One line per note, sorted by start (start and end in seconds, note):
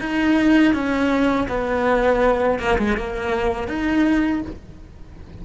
0.00 0.74 D#4
0.74 1.48 C#4
1.49 2.60 B3
2.60 2.78 A#3
2.79 2.97 G#3
2.97 3.68 A#3
3.68 4.42 D#4